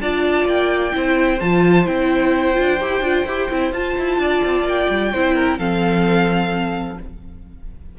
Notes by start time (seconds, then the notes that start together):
0.00 D4 F4 D5 A5
0.45 A#3 G5
0.92 C4 E4 C5
1.41 F3 F4 A5
1.86 C4 E4 G5
2.54 D4 F4
2.81 E4 G4
3.01 D4 F4
3.26 E4 G4
3.50 C4 E4
3.72 F4 A5
3.98 E4
4.18 D4 D5
4.44 C4
4.63 A#3 G5
4.90 G3
5.12 C4 E4 C5
5.35 A#4
5.58 F3 C4 A4 F5